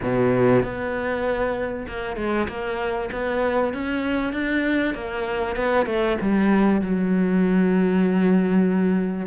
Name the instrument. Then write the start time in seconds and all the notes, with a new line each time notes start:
cello
0.02 B2
0.62 B3
1.87 A#3
2.16 G#3
2.48 A#3
3.12 B3
3.73 C#4
4.32 D4
4.94 A#3
5.56 B3
5.86 A3
6.21 G3
6.81 F#3